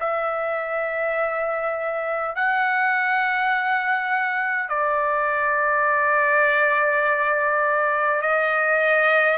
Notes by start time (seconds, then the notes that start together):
0.00 E5
2.35 F#5
4.69 D5
8.22 D#5